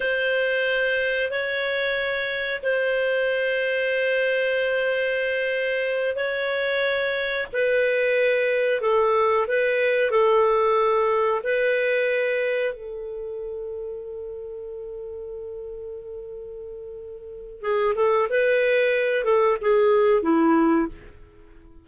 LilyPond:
\new Staff \with { instrumentName = "clarinet" } { \time 4/4 \tempo 4 = 92 c''2 cis''2 | c''1~ | c''4. cis''2 b'8~ | b'4. a'4 b'4 a'8~ |
a'4. b'2 a'8~ | a'1~ | a'2. gis'8 a'8 | b'4. a'8 gis'4 e'4 | }